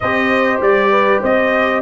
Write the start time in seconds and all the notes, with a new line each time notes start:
0.00 C4 G4 C5 D#5
0.60 G3 D5
0.91 B4
1.21 C4 C5 D#5